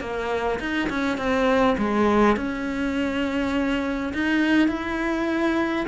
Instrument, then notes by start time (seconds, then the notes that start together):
cello
0.00 A#3
0.59 D#4
0.89 C#4
1.17 C4
1.78 G#3
2.36 C#4
4.13 D#4
4.68 E4